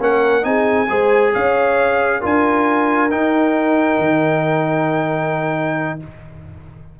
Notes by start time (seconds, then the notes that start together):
0.00 A#3 C#4 A#4 F#5
0.42 C4 D#4 G#4 G#5
0.89 G#3 G#4 C5
1.33 C#4 C#5 F5
2.20 D4 F4 A#4 G#5
3.10 D#4 G5
3.98 D#3